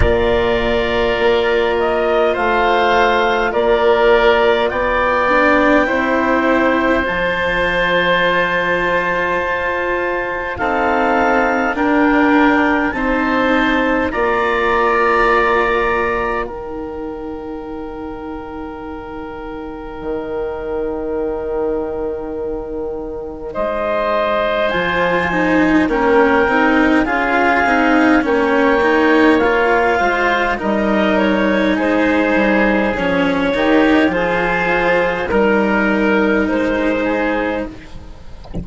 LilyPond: <<
  \new Staff \with { instrumentName = "clarinet" } { \time 4/4 \tempo 4 = 51 d''4. dis''8 f''4 d''4 | g''2 a''2~ | a''4 f''4 g''4 a''4 | ais''2 g''2~ |
g''1 | dis''4 gis''4 g''4 f''4 | g''4 f''4 dis''8 cis''8 c''4 | cis''4 c''4 ais'4 c''4 | }
  \new Staff \with { instrumentName = "oboe" } { \time 4/4 ais'2 c''4 ais'4 | d''4 c''2.~ | c''4 a'4 ais'4 c''4 | d''2 ais'2~ |
ais'1 | c''2 ais'4 gis'4 | cis''4. c''8 ais'4 gis'4~ | gis'8 g'8 gis'4 ais'4. gis'8 | }
  \new Staff \with { instrumentName = "cello" } { \time 4/4 f'1~ | f'8 d'8 e'4 f'2~ | f'4 c'4 d'4 dis'4 | f'2 dis'2~ |
dis'1~ | dis'4 f'8 dis'8 cis'8 dis'8 f'8 dis'8 | cis'8 dis'8 f'4 dis'2 | cis'8 dis'8 f'4 dis'2 | }
  \new Staff \with { instrumentName = "bassoon" } { \time 4/4 ais,4 ais4 a4 ais4 | b4 c'4 f2 | f'4 dis'4 d'4 c'4 | ais2 dis'2~ |
dis'4 dis2. | gis4 f4 ais8 c'8 cis'8 c'8 | ais4. gis8 g4 gis8 g8 | f8 dis8 f4 g4 gis4 | }
>>